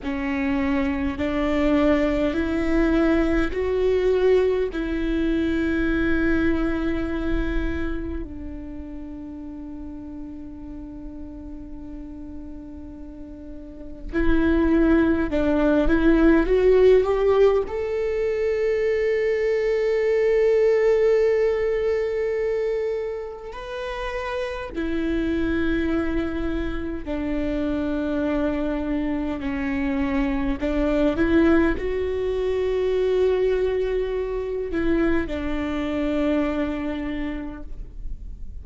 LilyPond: \new Staff \with { instrumentName = "viola" } { \time 4/4 \tempo 4 = 51 cis'4 d'4 e'4 fis'4 | e'2. d'4~ | d'1 | e'4 d'8 e'8 fis'8 g'8 a'4~ |
a'1 | b'4 e'2 d'4~ | d'4 cis'4 d'8 e'8 fis'4~ | fis'4. e'8 d'2 | }